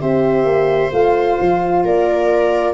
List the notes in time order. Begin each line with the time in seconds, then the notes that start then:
0.00 C4 G4 C5 E5
0.45 A#3
0.92 A3 F4 F5
1.40 F3
1.84 A#3 A#4 D5